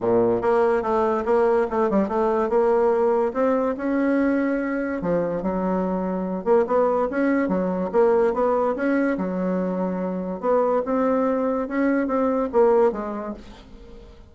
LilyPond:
\new Staff \with { instrumentName = "bassoon" } { \time 4/4 \tempo 4 = 144 ais,4 ais4 a4 ais4 | a8 g8 a4 ais2 | c'4 cis'2. | f4 fis2~ fis8 ais8 |
b4 cis'4 fis4 ais4 | b4 cis'4 fis2~ | fis4 b4 c'2 | cis'4 c'4 ais4 gis4 | }